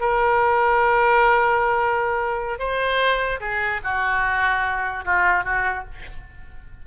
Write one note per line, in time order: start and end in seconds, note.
0.00 2.59 A#4
2.59 3.39 C5
3.40 3.80 G#4
3.84 5.04 F#4
5.05 5.44 F4
5.44 5.84 F#4